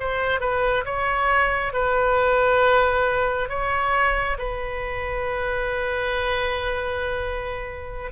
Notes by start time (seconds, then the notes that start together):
0.00 C5
0.41 B4
0.85 C#5
1.73 B4
3.49 C#5
4.38 B4